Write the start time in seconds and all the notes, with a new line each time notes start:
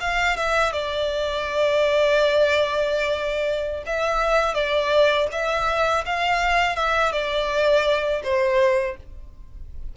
0.00 F5
0.37 E5
0.72 D5
3.86 E5
4.54 D5
5.31 E5
6.05 F5
6.75 E5
7.12 D5
8.23 C5